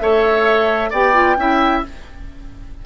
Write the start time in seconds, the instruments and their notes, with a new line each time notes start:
0.00 bassoon A3, clarinet A4, oboe C#5, flute E5
0.90 bassoon B3, clarinet G4, oboe D5, flute G5
1.13 clarinet F4
1.37 bassoon C#4, clarinet E4, oboe E5